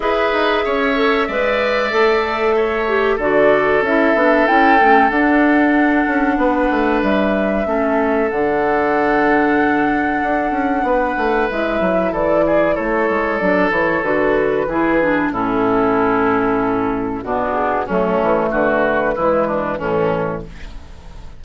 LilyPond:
<<
  \new Staff \with { instrumentName = "flute" } { \time 4/4 \tempo 4 = 94 e''1~ | e''4 d''4 e''4 g''4 | fis''2. e''4~ | e''4 fis''2.~ |
fis''2 e''4 d''4 | cis''4 d''8 cis''8 b'2 | a'2. fis'8 gis'8 | a'4 b'2 a'4 | }
  \new Staff \with { instrumentName = "oboe" } { \time 4/4 b'4 cis''4 d''2 | cis''4 a'2.~ | a'2 b'2 | a'1~ |
a'4 b'2 a'8 gis'8 | a'2. gis'4 | e'2. d'4 | cis'4 fis'4 e'8 d'8 cis'4 | }
  \new Staff \with { instrumentName = "clarinet" } { \time 4/4 gis'4. a'8 b'4 a'4~ | a'8 g'8 fis'4 e'8 d'8 e'8 cis'8 | d'1 | cis'4 d'2.~ |
d'2 e'2~ | e'4 d'8 e'8 fis'4 e'8 d'8 | cis'2. b4 | a2 gis4 e4 | }
  \new Staff \with { instrumentName = "bassoon" } { \time 4/4 e'8 dis'8 cis'4 gis4 a4~ | a4 d4 cis'8 b8 cis'8 a8 | d'4. cis'8 b8 a8 g4 | a4 d2. |
d'8 cis'8 b8 a8 gis8 fis8 e4 | a8 gis8 fis8 e8 d4 e4 | a,2. b,4 | fis8 e8 d4 e4 a,4 | }
>>